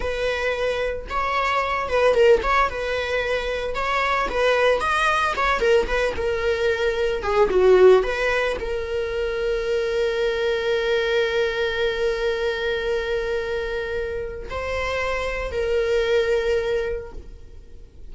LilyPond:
\new Staff \with { instrumentName = "viola" } { \time 4/4 \tempo 4 = 112 b'2 cis''4. b'8 | ais'8 cis''8 b'2 cis''4 | b'4 dis''4 cis''8 ais'8 b'8 ais'8~ | ais'4. gis'8 fis'4 b'4 |
ais'1~ | ais'1~ | ais'2. c''4~ | c''4 ais'2. | }